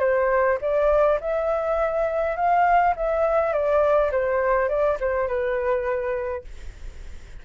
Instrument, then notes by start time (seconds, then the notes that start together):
flute
0.00 C5
0.61 D5
1.21 E5
2.37 F5
2.96 E5
3.53 D5
4.12 C5
4.69 D5
5.00 C5
5.28 B4